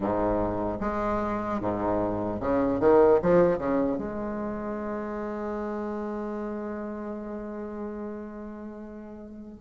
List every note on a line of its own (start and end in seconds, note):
0.00 0.79 G#2
0.80 1.60 G#3
1.60 2.40 G#2
2.40 2.80 C#3
2.80 3.20 D#3
3.21 3.57 F3
3.57 3.97 C#3
3.97 9.57 G#3